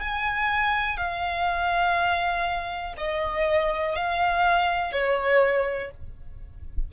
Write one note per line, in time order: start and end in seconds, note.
0.00 0.97 G#5
0.97 2.94 F5
2.97 3.95 D#5
3.95 4.92 F5
4.92 5.90 C#5